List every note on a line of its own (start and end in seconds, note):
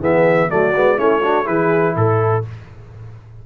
0.00 0.48 E3
0.00 0.49 B3
0.00 0.49 G#4
0.00 0.50 E5
0.49 0.75 F#3
0.49 0.73 A3
0.49 0.97 F#4
0.49 0.98 D5
0.75 0.99 G#3
0.75 0.97 B3
0.97 1.47 A3
0.97 1.22 C#4
0.97 1.21 E4
0.97 1.47 C#5
1.21 1.45 D4
1.21 1.45 F#4
1.45 1.96 E3
1.45 2.42 E4
1.45 1.95 G#4
1.45 1.95 B4
1.96 2.44 A2
1.96 2.44 A4
1.96 2.46 A4